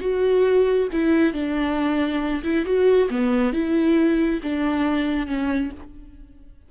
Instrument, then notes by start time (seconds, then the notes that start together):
viola
0.00 F#4
0.92 E4
1.33 D4
2.43 E4
2.65 F#4
3.10 B3
3.52 E4
4.42 D4
5.26 C#4